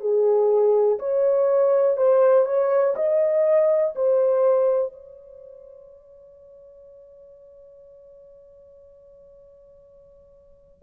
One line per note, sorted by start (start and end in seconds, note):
0.00 0.98 G#4
0.99 1.97 C#5
1.97 2.45 C5
2.45 2.95 C#5
2.96 3.94 D#5
3.95 4.93 C5
4.93 10.82 C#5